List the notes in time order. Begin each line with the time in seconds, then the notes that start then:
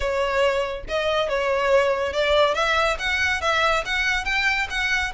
0.00 C#5
0.88 D#5
1.28 C#5
2.12 D5
2.54 E5
2.98 F#5
3.41 E5
3.85 F#5
4.25 G5
4.70 F#5